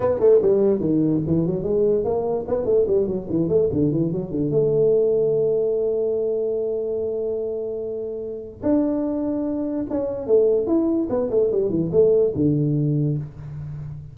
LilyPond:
\new Staff \with { instrumentName = "tuba" } { \time 4/4 \tempo 4 = 146 b8 a8 g4 dis4 e8 fis8 | gis4 ais4 b8 a8 g8 fis8 | e8 a8 d8 e8 fis8 d8 a4~ | a1~ |
a1~ | a4 d'2. | cis'4 a4 e'4 b8 a8 | g8 e8 a4 d2 | }